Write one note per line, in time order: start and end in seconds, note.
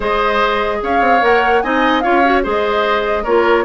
0.00 0.81 G#3
0.00 1.20 G#4
0.00 0.77 C5
0.00 0.83 D#5
0.83 1.00 C#4
0.83 1.63 C#5
0.83 1.24 F5
1.00 1.21 C4
1.21 1.63 A#3
1.21 1.61 A#4
1.21 1.62 F#5
1.62 2.04 C4
1.62 2.02 D#4
1.62 2.03 D#5
1.62 2.00 G#5
2.00 2.23 F4
2.00 2.43 C#5
2.00 2.40 F5
2.06 2.45 C#4
2.24 2.43 F#4
2.43 3.25 G#3
2.43 3.24 G#4
2.43 3.23 C5
2.43 3.24 D#5
3.23 3.64 A#3
3.23 3.64 F4
3.23 3.63 A#4
3.23 3.64 C#5